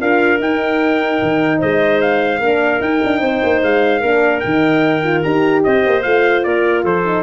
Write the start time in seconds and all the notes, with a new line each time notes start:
0.00 D4 F4 A#4 F5
0.39 D#4 G5
1.22 D#3
1.59 G#3 C5 D#5
2.01 F5
2.40 A#3 D4 A#4
2.81 D#4 G5
3.04 D4
3.20 C4 C5
3.43 A#3
3.63 G#3 F5
4.00 A#3 D4 A#4
4.40 D#3 D#4 G5
5.04 F4
5.22 D#4 G4 A#5
5.64 C4 C5 D#5
5.87 A#3
6.03 A3 F4 F5
6.43 A#3 A#4 D5
6.84 F3 A4 C5
7.05 D#4